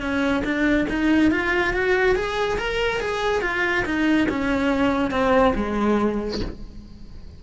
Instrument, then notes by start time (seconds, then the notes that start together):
cello
0.00 C#4
0.44 D4
0.89 D#4
1.31 F4
1.73 F#4
2.16 G#4
2.58 A#4
3.00 G#4
3.42 F4
3.85 D#4
4.29 C#4
5.11 C4
5.55 G#3